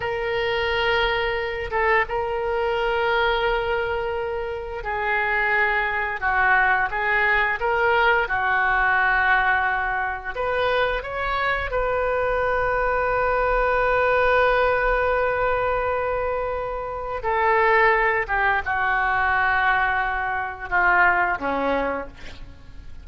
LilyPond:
\new Staff \with { instrumentName = "oboe" } { \time 4/4 \tempo 4 = 87 ais'2~ ais'8 a'8 ais'4~ | ais'2. gis'4~ | gis'4 fis'4 gis'4 ais'4 | fis'2. b'4 |
cis''4 b'2.~ | b'1~ | b'4 a'4. g'8 fis'4~ | fis'2 f'4 cis'4 | }